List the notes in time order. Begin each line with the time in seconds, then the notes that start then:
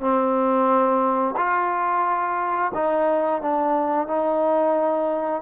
0.00 C4
1.37 F4
2.74 D#4
3.41 D4
4.07 D#4